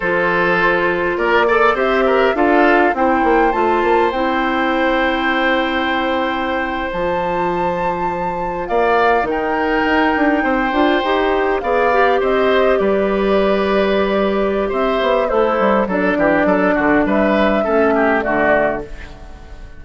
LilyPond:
<<
  \new Staff \with { instrumentName = "flute" } { \time 4/4 \tempo 4 = 102 c''2 d''4 e''4 | f''4 g''4 a''4 g''4~ | g''2.~ g''8. a''16~ | a''2~ a''8. f''4 g''16~ |
g''2.~ g''8. f''16~ | f''8. dis''4 d''2~ d''16~ | d''4 e''4 c''4 d''4~ | d''4 e''2 d''4 | }
  \new Staff \with { instrumentName = "oboe" } { \time 4/4 a'2 ais'8 d''8 c''8 ais'8 | a'4 c''2.~ | c''1~ | c''2~ c''8. d''4 ais'16~ |
ais'4.~ ais'16 c''2 d''16~ | d''8. c''4 b'2~ b'16~ | b'4 c''4 e'4 a'8 g'8 | a'8 fis'8 b'4 a'8 g'8 fis'4 | }
  \new Staff \with { instrumentName = "clarinet" } { \time 4/4 f'2~ f'8 a'8 g'4 | f'4 e'4 f'4 e'4~ | e'2.~ e'8. f'16~ | f'2.~ f'8. dis'16~ |
dis'2~ dis'16 f'8 g'4 gis'16~ | gis'16 g'2.~ g'8.~ | g'2 a'4 d'4~ | d'2 cis'4 a4 | }
  \new Staff \with { instrumentName = "bassoon" } { \time 4/4 f2 ais4 c'4 | d'4 c'8 ais8 a8 ais8 c'4~ | c'2.~ c'8. f16~ | f2~ f8. ais4 dis16~ |
dis8. dis'8 d'8 c'8 d'8 dis'4 b16~ | b8. c'4 g2~ g16~ | g4 c'8 b8 a8 g8 fis8 e8 | fis8 d8 g4 a4 d4 | }
>>